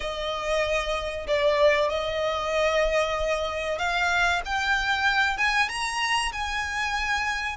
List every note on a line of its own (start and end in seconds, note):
0.00 1.26 D#5
1.27 1.89 D5
1.89 3.78 D#5
3.78 4.41 F5
4.45 5.37 G5
5.37 5.68 G#5
5.68 6.32 A#5
6.32 7.56 G#5